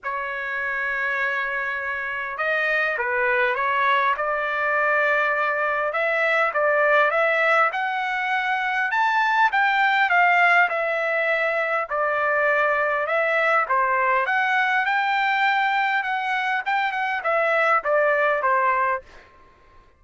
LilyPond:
\new Staff \with { instrumentName = "trumpet" } { \time 4/4 \tempo 4 = 101 cis''1 | dis''4 b'4 cis''4 d''4~ | d''2 e''4 d''4 | e''4 fis''2 a''4 |
g''4 f''4 e''2 | d''2 e''4 c''4 | fis''4 g''2 fis''4 | g''8 fis''8 e''4 d''4 c''4 | }